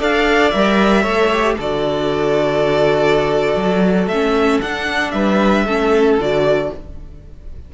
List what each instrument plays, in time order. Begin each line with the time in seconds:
0.00 cello D4, viola A4, violin D5 F5
0.51 cello G3, viola A#4, violin E5
1.03 cello A3, viola A4, violin C#5
1.33 viola G4
1.57 cello D3, viola F#4, violin A4 D5
3.56 cello F#3
4.07 cello A3, viola C#4, violin E5
4.62 viola D4, cello D4, violin F#5
5.11 cello G3, violin B4 E5
5.65 cello A3, viola C#4, violin A4
6.18 cello D3, viola F#4, violin D5